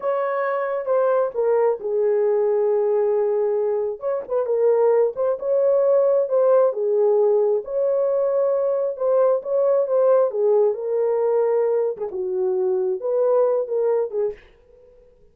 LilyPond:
\new Staff \with { instrumentName = "horn" } { \time 4/4 \tempo 4 = 134 cis''2 c''4 ais'4 | gis'1~ | gis'4 cis''8 b'8 ais'4. c''8 | cis''2 c''4 gis'4~ |
gis'4 cis''2. | c''4 cis''4 c''4 gis'4 | ais'2~ ais'8. gis'16 fis'4~ | fis'4 b'4. ais'4 gis'8 | }